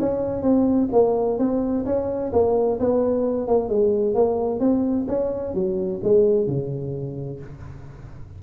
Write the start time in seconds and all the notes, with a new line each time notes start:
0.00 C#4
0.42 C4
0.93 A#3
1.39 C4
1.86 C#4
2.33 A#3
2.80 B3
3.48 A#3
3.69 G#3
4.15 A#3
4.60 C4
5.08 C#4
5.55 F#3
6.04 G#3
6.47 C#3